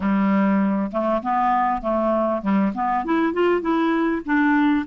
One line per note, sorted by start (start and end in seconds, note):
0.00 0.91 G3
0.91 1.21 A3
1.22 1.81 B3
1.81 2.42 A3
2.42 2.72 G3
2.74 3.04 B3
3.04 3.33 E4
3.33 3.61 F4
3.61 4.21 E4
4.25 4.85 D4